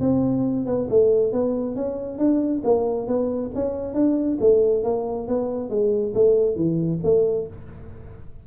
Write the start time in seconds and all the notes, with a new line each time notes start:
0.00 C4
0.66 B3
0.90 A3
1.32 B3
1.76 C#4
2.18 D4
2.64 A#3
3.07 B3
3.55 C#4
3.94 D4
4.40 A3
4.84 A#3
5.27 B3
5.70 G#3
6.14 A3
6.55 E3
7.03 A3